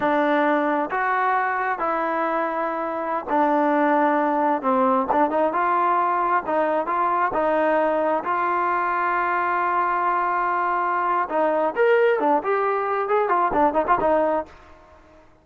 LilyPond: \new Staff \with { instrumentName = "trombone" } { \time 4/4 \tempo 4 = 133 d'2 fis'2 | e'2.~ e'16 d'8.~ | d'2~ d'16 c'4 d'8 dis'16~ | dis'16 f'2 dis'4 f'8.~ |
f'16 dis'2 f'4.~ f'16~ | f'1~ | f'4 dis'4 ais'4 d'8 g'8~ | g'4 gis'8 f'8 d'8 dis'16 f'16 dis'4 | }